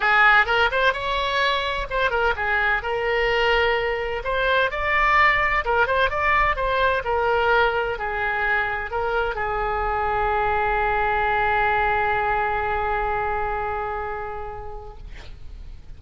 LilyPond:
\new Staff \with { instrumentName = "oboe" } { \time 4/4 \tempo 4 = 128 gis'4 ais'8 c''8 cis''2 | c''8 ais'8 gis'4 ais'2~ | ais'4 c''4 d''2 | ais'8 c''8 d''4 c''4 ais'4~ |
ais'4 gis'2 ais'4 | gis'1~ | gis'1~ | gis'1 | }